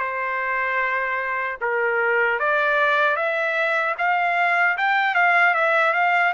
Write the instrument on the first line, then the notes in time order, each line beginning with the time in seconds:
trumpet
0.00 C5
1.62 A#4
2.40 D5
3.17 E5
3.99 F5
4.78 G5
5.15 F5
5.55 E5
5.94 F5